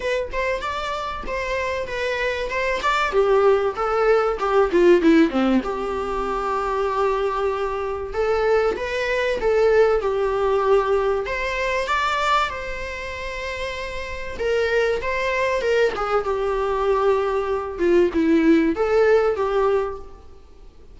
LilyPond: \new Staff \with { instrumentName = "viola" } { \time 4/4 \tempo 4 = 96 b'8 c''8 d''4 c''4 b'4 | c''8 d''8 g'4 a'4 g'8 f'8 | e'8 c'8 g'2.~ | g'4 a'4 b'4 a'4 |
g'2 c''4 d''4 | c''2. ais'4 | c''4 ais'8 gis'8 g'2~ | g'8 f'8 e'4 a'4 g'4 | }